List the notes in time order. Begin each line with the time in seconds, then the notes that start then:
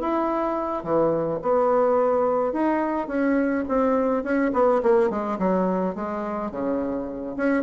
0.00 E4
0.84 E3
1.42 B3
2.53 D#4
3.08 C#4
3.69 C4
4.23 C#4
4.54 B3
4.83 A#3
5.10 G#3
5.39 F#3
5.95 G#3
6.51 C#3
7.37 C#4